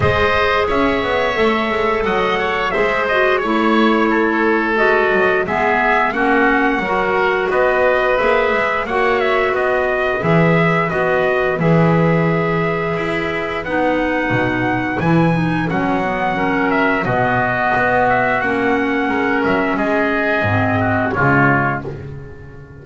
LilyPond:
<<
  \new Staff \with { instrumentName = "trumpet" } { \time 4/4 \tempo 4 = 88 dis''4 e''2 fis''4 | e''8 dis''8 cis''2 dis''4 | e''4 fis''2 dis''4 | e''4 fis''8 e''8 dis''4 e''4 |
dis''4 e''2. | fis''2 gis''4 fis''4~ | fis''8 e''8 dis''4. e''8 fis''4~ | fis''8 e''8 dis''2 cis''4 | }
  \new Staff \with { instrumentName = "oboe" } { \time 4/4 c''4 cis''2 dis''8 cis''8 | c''4 cis''4 a'2 | gis'4 fis'4 ais'4 b'4~ | b'4 cis''4 b'2~ |
b'1~ | b'1 | ais'4 fis'2. | ais'4 gis'4. fis'8 f'4 | }
  \new Staff \with { instrumentName = "clarinet" } { \time 4/4 gis'2 a'2 | gis'8 fis'8 e'2 fis'4 | b4 cis'4 fis'2 | gis'4 fis'2 gis'4 |
fis'4 gis'2. | dis'2 e'8 dis'8 cis'8 b8 | cis'4 b2 cis'4~ | cis'2 c'4 gis4 | }
  \new Staff \with { instrumentName = "double bass" } { \time 4/4 gis4 cis'8 b8 a8 gis8 fis4 | gis4 a2 gis8 fis8 | gis4 ais4 fis4 b4 | ais8 gis8 ais4 b4 e4 |
b4 e2 e'4 | b4 b,4 e4 fis4~ | fis4 b,4 b4 ais4 | gis8 fis8 gis4 gis,4 cis4 | }
>>